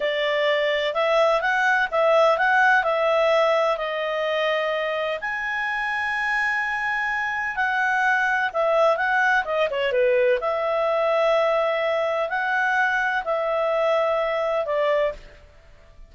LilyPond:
\new Staff \with { instrumentName = "clarinet" } { \time 4/4 \tempo 4 = 127 d''2 e''4 fis''4 | e''4 fis''4 e''2 | dis''2. gis''4~ | gis''1 |
fis''2 e''4 fis''4 | dis''8 cis''8 b'4 e''2~ | e''2 fis''2 | e''2. d''4 | }